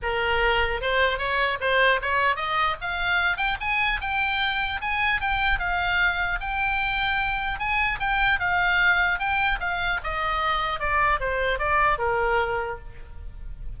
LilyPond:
\new Staff \with { instrumentName = "oboe" } { \time 4/4 \tempo 4 = 150 ais'2 c''4 cis''4 | c''4 cis''4 dis''4 f''4~ | f''8 g''8 gis''4 g''2 | gis''4 g''4 f''2 |
g''2. gis''4 | g''4 f''2 g''4 | f''4 dis''2 d''4 | c''4 d''4 ais'2 | }